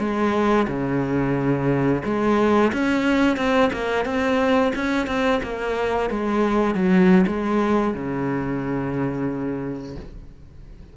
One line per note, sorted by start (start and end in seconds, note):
0.00 0.67 G#3
0.68 2.03 C#3
2.05 2.73 G#3
2.73 3.37 C#4
3.37 3.71 C4
3.73 4.06 A#3
4.06 4.73 C4
4.76 5.07 C#4
5.07 5.41 C4
5.43 6.10 A#3
6.10 6.75 G#3
6.75 7.26 F#3
7.27 7.94 G#3
7.94 9.97 C#3